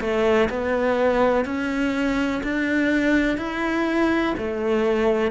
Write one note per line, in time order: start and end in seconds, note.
0.00 0.48 A3
0.49 1.45 B3
1.45 2.42 C#4
2.43 3.37 D4
3.37 4.34 E4
4.37 5.31 A3